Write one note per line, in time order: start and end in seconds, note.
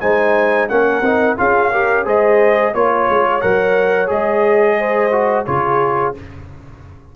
0.00 0.69 G#3
0.00 0.69 D#4
0.00 0.69 C5
0.00 0.68 G#5
0.68 1.01 A#3
0.68 1.03 C#4
0.68 1.38 A#4
0.68 1.37 F#5
1.01 1.35 C4
1.01 1.37 D#4
1.37 2.06 C#4
1.37 1.71 F4
1.37 1.71 G#4
1.37 2.07 F5
1.71 2.05 G4
1.71 2.05 A#4
2.05 2.74 G#3
2.05 2.73 G#4
2.05 2.73 C5
2.05 2.74 D#5
2.74 3.08 A#3
2.74 3.41 F4
2.74 3.41 C#5
2.74 4.79 C#5
3.09 3.43 G#3
3.41 4.10 F#3
3.41 4.07 A#4
3.41 4.09 F#5
4.07 5.46 G#3
4.07 5.09 G#4
4.07 5.45 D#5
4.79 5.47 C5
5.12 5.46 F#4
5.45 6.15 C#3
5.45 6.14 F4
5.45 6.15 G#4
5.45 6.14 C#5